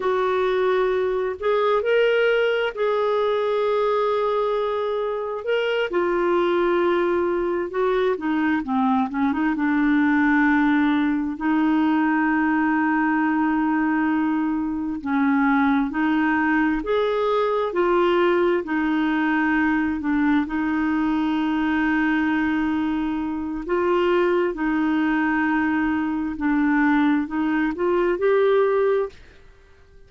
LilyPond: \new Staff \with { instrumentName = "clarinet" } { \time 4/4 \tempo 4 = 66 fis'4. gis'8 ais'4 gis'4~ | gis'2 ais'8 f'4.~ | f'8 fis'8 dis'8 c'8 cis'16 dis'16 d'4.~ | d'8 dis'2.~ dis'8~ |
dis'8 cis'4 dis'4 gis'4 f'8~ | f'8 dis'4. d'8 dis'4.~ | dis'2 f'4 dis'4~ | dis'4 d'4 dis'8 f'8 g'4 | }